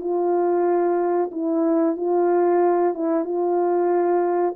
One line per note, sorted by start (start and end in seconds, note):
0.00 1.30 F4
1.31 1.96 E4
1.96 2.94 F4
2.94 3.24 E4
3.24 4.55 F4